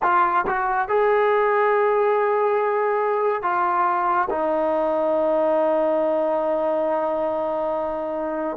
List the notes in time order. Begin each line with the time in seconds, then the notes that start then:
0.02 F4
0.46 F#4
0.88 G#4
3.42 F4
4.30 D#4